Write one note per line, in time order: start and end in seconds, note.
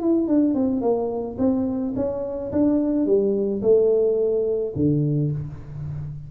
0.00 0.28 E4
0.28 0.55 D4
0.55 0.81 C4
0.81 1.37 A#3
1.39 1.94 C4
1.96 2.52 C#4
2.52 3.06 D4
3.06 3.62 G3
3.62 4.73 A3
4.76 5.31 D3